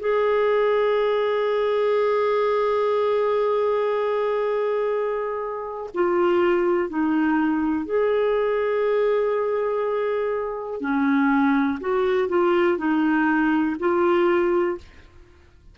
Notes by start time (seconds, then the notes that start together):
0.00 G#4
5.94 F4
6.89 D#4
7.86 G#4
10.81 C#4
11.80 F#4
12.29 F4
12.78 D#4
13.79 F4